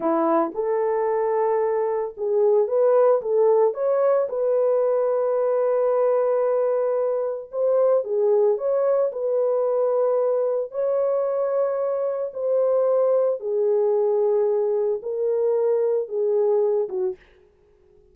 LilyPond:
\new Staff \with { instrumentName = "horn" } { \time 4/4 \tempo 4 = 112 e'4 a'2. | gis'4 b'4 a'4 cis''4 | b'1~ | b'2 c''4 gis'4 |
cis''4 b'2. | cis''2. c''4~ | c''4 gis'2. | ais'2 gis'4. fis'8 | }